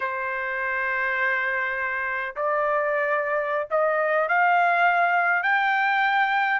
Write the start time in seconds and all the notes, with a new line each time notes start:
0.00 C5
2.36 D5
3.70 D#5
4.28 F5
5.42 G5